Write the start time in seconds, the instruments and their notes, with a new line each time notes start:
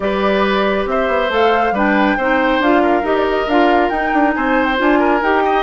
0.00 bassoon G3, clarinet G4, oboe B4, flute D5
0.86 bassoon C4, oboe C5, flute E5
1.08 bassoon B3
1.29 bassoon A3, clarinet A4, flute F5
1.71 bassoon G3, clarinet D4, oboe B4, flute G5
2.17 bassoon C4, clarinet D#4, oboe C5
2.59 bassoon D4, clarinet F4, flute F5
2.82 oboe A#4
3.02 bassoon D#4, clarinet G4, flute D#5
3.15 flute D5
3.28 flute D#5
3.46 bassoon D4, clarinet F4, flute F5
3.89 bassoon D#4, clarinet D#4, flute G5
4.13 bassoon D4
4.34 bassoon C4, oboe C5, flute G#5
4.65 flute G5
4.76 bassoon D4, clarinet F4, flute G#5
4.99 oboe A#4
5.21 bassoon D#4, clarinet G4, flute G5
5.44 oboe D#5